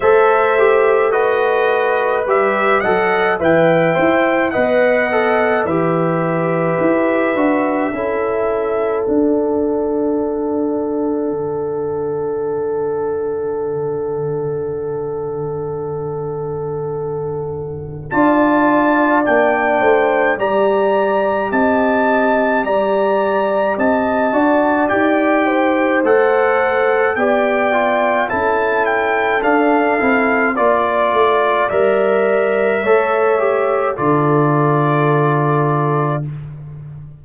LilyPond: <<
  \new Staff \with { instrumentName = "trumpet" } { \time 4/4 \tempo 4 = 53 e''4 dis''4 e''8 fis''8 g''4 | fis''4 e''2. | fis''1~ | fis''1 |
a''4 g''4 ais''4 a''4 | ais''4 a''4 g''4 fis''4 | g''4 a''8 g''8 f''4 d''4 | e''2 d''2 | }
  \new Staff \with { instrumentName = "horn" } { \time 4/4 c''4 b'4. dis''8 e''4 | dis''4 b'2 a'4~ | a'1~ | a'1 |
d''4. c''8 d''4 dis''4 | d''4 dis''8 d''4 c''4. | d''4 a'2 d''4~ | d''4 cis''4 a'2 | }
  \new Staff \with { instrumentName = "trombone" } { \time 4/4 a'8 g'8 fis'4 g'8 a'8 b'8 c''8 | b'8 a'8 g'4. fis'8 e'4 | d'1~ | d'1 |
f'4 d'4 g'2~ | g'4. fis'8 g'4 a'4 | g'8 f'8 e'4 d'8 e'8 f'4 | ais'4 a'8 g'8 f'2 | }
  \new Staff \with { instrumentName = "tuba" } { \time 4/4 a2 g8 fis8 e8 e'8 | b4 e4 e'8 d'8 cis'4 | d'2 d2~ | d1 |
d'4 ais8 a8 g4 c'4 | g4 c'8 d'8 dis'4 a4 | b4 cis'4 d'8 c'8 ais8 a8 | g4 a4 d2 | }
>>